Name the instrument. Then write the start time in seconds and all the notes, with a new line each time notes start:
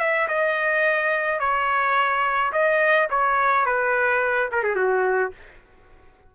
trumpet
0.00 E5
0.29 D#5
1.40 C#5
2.53 D#5
3.10 C#5
3.66 B4
4.52 A#4
4.63 G#4
4.76 F#4